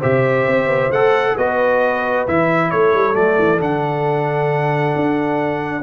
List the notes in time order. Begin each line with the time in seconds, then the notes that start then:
0.00 C3 G4 C5 E5
0.47 C4
0.67 B3
0.91 A3 A4 F#5
1.37 B3 F#4 B4 D#5
2.28 E3 E4 E5
2.71 A3 A4 C#5
2.94 G3
3.14 F#3 A3 D5
3.39 E3
3.59 D3 D4 F#5
4.96 D4